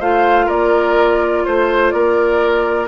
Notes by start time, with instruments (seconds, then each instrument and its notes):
0.00 bassoon A3, clarinet F4, oboe C5, flute F5
0.46 bassoon A#3, oboe A#4, flute D5
1.45 bassoon A3, flute C5, oboe C5
1.90 bassoon A#3, oboe A#4, flute D5